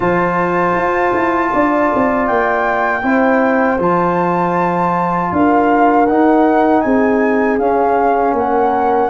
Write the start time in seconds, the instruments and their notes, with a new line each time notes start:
0.00 tuba F3, trombone F4, horn C5, flute A5
0.75 tuba F4
1.14 tuba E4
1.53 tuba D4, horn D5
1.94 tuba C4
2.26 tuba A#3, flute G5
3.02 tuba C4, trombone E4, horn C5
3.78 tuba F3, trombone F4, flute A5
5.31 tuba D4, horn A#4, flute F5
6.06 tuba D#4, trombone D#4, flute F#5
6.80 tuba C4, horn G#4, flute G#5
7.58 tuba C#4, trombone C#4, flute F5
8.32 tuba A#3, horn A#4, flute F#5